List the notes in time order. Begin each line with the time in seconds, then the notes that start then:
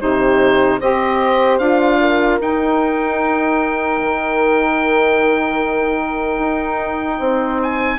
0.00 C3 D#4 G4 C5
0.80 C4 G4 C5 D#5
1.59 D4 F4 F5
2.01 A#4
2.41 D#4 G5
4.02 D#3
6.39 D#4
7.19 C4 C5
7.63 G#5